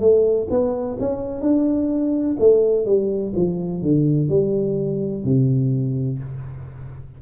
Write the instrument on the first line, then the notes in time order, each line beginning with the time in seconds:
tuba
0.00 A3
0.50 B3
1.00 C#4
1.41 D4
2.39 A3
2.86 G3
3.35 F3
3.82 D3
4.29 G3
5.24 C3